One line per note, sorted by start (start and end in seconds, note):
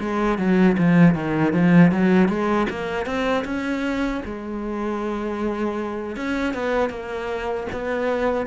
0.00 0.38 G#3
0.39 0.77 F#3
0.78 1.15 F3
1.15 1.53 D#3
1.53 1.92 F3
1.92 2.29 F#3
2.29 2.67 G#3
2.70 3.06 A#3
3.06 3.44 C4
3.45 4.22 C#4
4.26 6.17 G#3
6.17 6.54 C#4
6.54 6.90 B3
6.90 7.67 A#3
7.73 8.47 B3